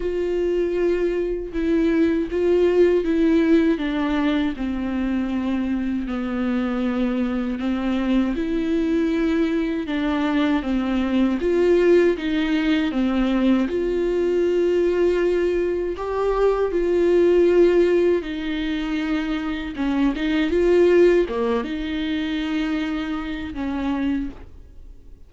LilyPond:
\new Staff \with { instrumentName = "viola" } { \time 4/4 \tempo 4 = 79 f'2 e'4 f'4 | e'4 d'4 c'2 | b2 c'4 e'4~ | e'4 d'4 c'4 f'4 |
dis'4 c'4 f'2~ | f'4 g'4 f'2 | dis'2 cis'8 dis'8 f'4 | ais8 dis'2~ dis'8 cis'4 | }